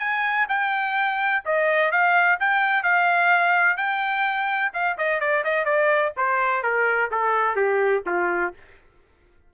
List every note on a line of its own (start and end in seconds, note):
0.00 0.47 G#5
0.49 1.44 G5
1.45 1.92 D#5
1.92 2.39 F5
2.40 2.83 G5
2.83 3.78 F5
3.78 4.72 G5
4.74 4.97 F5
4.98 5.21 D#5
5.21 5.44 D5
5.45 5.66 D#5
5.66 6.13 D5
6.17 6.63 C5
6.63 7.11 A#4
7.11 7.56 A4
7.56 8.04 G4
8.07 8.54 F4